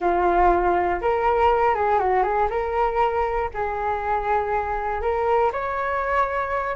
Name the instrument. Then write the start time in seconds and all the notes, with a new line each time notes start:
flute
0.00 F4
1.01 A#4
1.74 G#4
1.98 F#4
2.23 G#4
2.50 A#4
3.54 G#4
5.01 A#4
5.52 C#5